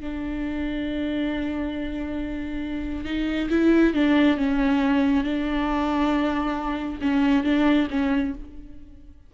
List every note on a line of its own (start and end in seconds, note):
0.00 3.05 D4
3.05 3.49 D#4
3.50 3.94 E4
3.94 4.37 D4
4.37 5.24 C#4
5.24 6.99 D4
7.01 7.44 C#4
7.44 7.88 D4
7.90 8.34 C#4